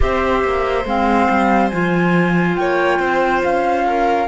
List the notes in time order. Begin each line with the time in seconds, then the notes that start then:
0.00 C4 G4 C5 E5
0.44 A#3
0.85 G#3 C4 F5
1.29 G3
1.69 F3 F4 G#5
2.55 A#3 C#5 G5
2.99 C4 C5
3.43 C#4 F5
3.86 A#4